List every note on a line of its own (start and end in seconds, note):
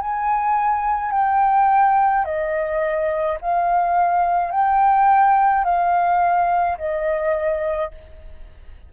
0.00 1.12 G#5
1.12 2.25 G5
2.25 3.38 D#5
3.41 4.51 F5
4.51 5.64 G5
5.64 6.78 F5
6.78 7.91 D#5